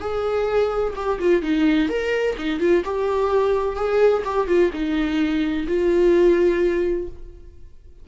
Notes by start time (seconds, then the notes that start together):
0.00 G#4
0.95 G4
1.20 F4
1.42 D#4
1.89 A#4
2.38 D#4
2.60 F4
2.84 G4
3.76 G#4
4.25 G4
4.47 F4
4.73 D#4
5.67 F4